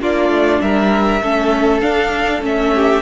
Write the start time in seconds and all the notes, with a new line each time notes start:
0.00 A#3 D4 F4 D5
0.29 A3
0.61 G3 A#4 E5
1.22 A3 C#4 A4
1.81 D4 F5
2.41 A3 C#4 E5
2.74 G4